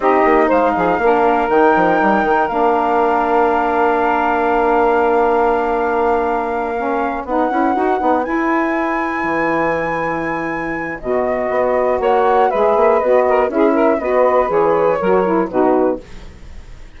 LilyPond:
<<
  \new Staff \with { instrumentName = "flute" } { \time 4/4 \tempo 4 = 120 dis''4 f''2 g''4~ | g''4 f''2.~ | f''1~ | f''2~ f''8 fis''4.~ |
fis''8 gis''2.~ gis''8~ | gis''2 dis''2 | fis''4 e''4 dis''4 e''4 | dis''4 cis''2 b'4 | }
  \new Staff \with { instrumentName = "saxophone" } { \time 4/4 g'4 c''8 gis'8 ais'2~ | ais'1~ | ais'1~ | ais'2~ ais'8 b'4.~ |
b'1~ | b'1 | cis''4 b'4. ais'8 gis'8 ais'8 | b'2 ais'4 fis'4 | }
  \new Staff \with { instrumentName = "saxophone" } { \time 4/4 dis'2 d'4 dis'4~ | dis'4 d'2.~ | d'1~ | d'4. cis'4 dis'8 e'8 fis'8 |
dis'8 e'2.~ e'8~ | e'2 fis'2~ | fis'4 gis'4 fis'4 e'4 | fis'4 gis'4 fis'8 e'8 dis'4 | }
  \new Staff \with { instrumentName = "bassoon" } { \time 4/4 c'8 ais8 gis8 f8 ais4 dis8 f8 | g8 dis8 ais2.~ | ais1~ | ais2~ ais8 b8 cis'8 dis'8 |
b8 e'2 e4.~ | e2 b,4 b4 | ais4 gis8 ais8 b4 cis'4 | b4 e4 fis4 b,4 | }
>>